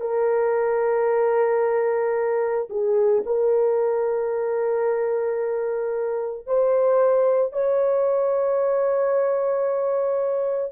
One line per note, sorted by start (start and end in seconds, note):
0.00 2.68 A#4
2.69 3.23 G#4
3.25 6.46 A#4
6.46 7.52 C5
7.52 10.72 C#5